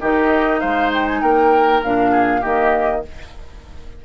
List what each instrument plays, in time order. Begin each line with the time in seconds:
0.00 bassoon D#3, clarinet D#4, oboe G4, flute D#5
0.60 bassoon G#3, oboe C5, flute F5
0.93 flute G5
1.07 flute G#5
1.21 bassoon A#3, oboe A#4, flute G5
1.83 bassoon A#2, clarinet D4, flute F5
2.11 oboe G#4
2.40 bassoon D#3, clarinet A#3, oboe G4, flute D#5